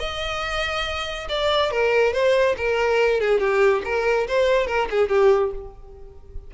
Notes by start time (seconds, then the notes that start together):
0.00 D#5
1.29 D5
1.71 A#4
2.13 C5
2.57 A#4
3.21 G#4
3.40 G4
3.85 A#4
4.28 C5
4.67 A#4
4.91 G#4
5.09 G4